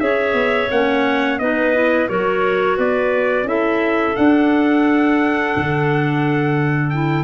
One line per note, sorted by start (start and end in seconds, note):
0.00 0.34 C#4
0.00 0.69 G#4
0.00 1.41 C#5
0.00 0.70 E5
0.34 0.68 B3
0.71 1.40 A#3
0.71 1.41 C#4
0.71 1.39 F#5
1.39 2.09 B3
1.39 1.74 D#4
1.39 2.10 B4
1.39 2.08 D#5
1.74 2.09 E4
2.09 2.79 F#3
2.09 3.46 F#4
2.09 2.77 A#4
2.09 2.78 C#5
2.77 3.44 B3
2.77 3.46 B4
2.77 3.48 D5
3.44 4.13 C#4
3.44 4.15 E4
3.44 7.24 A4
3.44 4.16 E5
4.16 6.92 D4
4.16 5.56 D4
4.16 6.90 F#5
5.57 7.24 D3
6.90 7.24 E4
6.90 7.24 G5